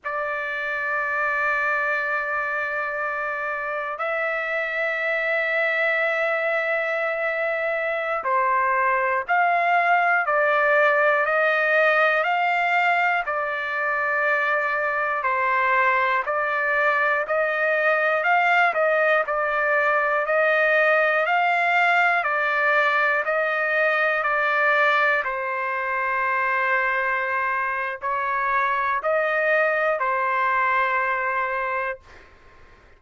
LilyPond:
\new Staff \with { instrumentName = "trumpet" } { \time 4/4 \tempo 4 = 60 d''1 | e''1~ | e''16 c''4 f''4 d''4 dis''8.~ | dis''16 f''4 d''2 c''8.~ |
c''16 d''4 dis''4 f''8 dis''8 d''8.~ | d''16 dis''4 f''4 d''4 dis''8.~ | dis''16 d''4 c''2~ c''8. | cis''4 dis''4 c''2 | }